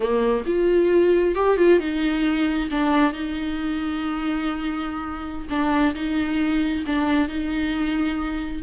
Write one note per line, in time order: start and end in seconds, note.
0.00 0.43 A#3
0.46 1.35 F4
1.35 1.57 G4
1.57 1.79 F4
1.79 2.69 D#4
2.70 3.12 D4
3.12 5.47 D#4
5.49 5.94 D4
5.94 6.84 D#4
6.86 7.28 D4
7.28 8.62 D#4